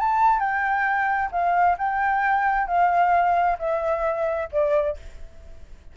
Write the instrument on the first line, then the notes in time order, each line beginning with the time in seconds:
flute
0.00 A5
0.40 G5
1.32 F5
1.78 G5
2.67 F5
3.59 E5
4.52 D5